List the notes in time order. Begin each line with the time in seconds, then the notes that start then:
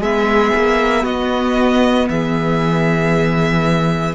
0.00 G#3 B3 G#4 E5
0.56 A#3
1.03 B3 F#4 D#5
2.09 E3 G#4 E5